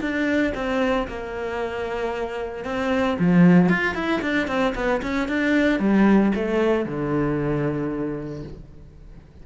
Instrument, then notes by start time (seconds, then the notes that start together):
cello
0.00 D4
0.54 C4
1.07 A#3
2.64 C4
3.19 F3
3.69 F4
3.94 E4
4.21 D4
4.47 C4
4.75 B3
5.02 C#4
5.28 D4
5.79 G3
6.34 A3
6.85 D3